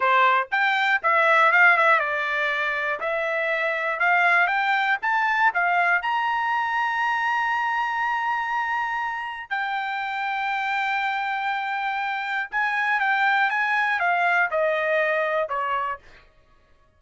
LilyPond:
\new Staff \with { instrumentName = "trumpet" } { \time 4/4 \tempo 4 = 120 c''4 g''4 e''4 f''8 e''8 | d''2 e''2 | f''4 g''4 a''4 f''4 | ais''1~ |
ais''2. g''4~ | g''1~ | g''4 gis''4 g''4 gis''4 | f''4 dis''2 cis''4 | }